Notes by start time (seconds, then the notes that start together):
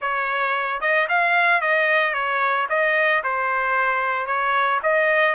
0.01 C#5
0.81 D#5
1.08 F5
1.61 D#5
2.13 C#5
2.69 D#5
3.23 C5
4.26 C#5
4.82 D#5